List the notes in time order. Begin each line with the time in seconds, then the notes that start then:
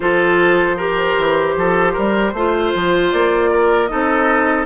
0.00 F3 F4 A4 C5
0.76 G4 A#4
1.18 E3
1.56 F3 A4
1.92 G3 A#4
2.33 A3 F4 C5
2.75 F3
3.11 A#3 D5
3.50 A#4
3.87 C4 D#4 A4 D#5